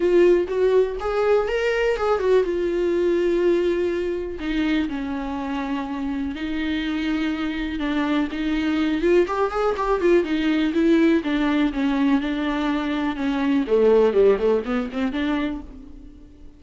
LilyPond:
\new Staff \with { instrumentName = "viola" } { \time 4/4 \tempo 4 = 123 f'4 fis'4 gis'4 ais'4 | gis'8 fis'8 f'2.~ | f'4 dis'4 cis'2~ | cis'4 dis'2. |
d'4 dis'4. f'8 g'8 gis'8 | g'8 f'8 dis'4 e'4 d'4 | cis'4 d'2 cis'4 | a4 g8 a8 b8 c'8 d'4 | }